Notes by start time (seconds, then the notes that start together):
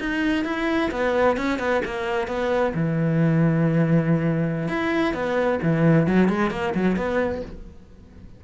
0.00 D#4
0.45 E4
0.91 B3
1.37 C#4
1.59 B3
1.85 A#3
2.28 B3
2.74 E3
4.68 E4
5.14 B3
5.63 E3
6.07 F#3
6.29 G#3
6.51 A#3
6.75 F#3
6.96 B3